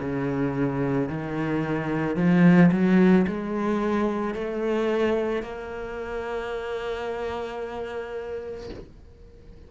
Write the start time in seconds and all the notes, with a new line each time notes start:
0.00 C#3
1.09 D#3
2.16 F3
2.71 F#3
3.27 G#3
4.34 A3
5.42 A#3